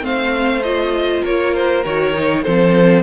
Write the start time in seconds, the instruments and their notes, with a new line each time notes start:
0.00 cello A3, viola C4, violin C5 F5
0.62 viola F4, violin D#5
1.24 cello A#3, violin A#4 C#5
1.54 violin C5
1.85 cello D#3, viola F#4, violin C#5
2.13 viola D#4
2.43 cello F3, viola C4, violin A4 C5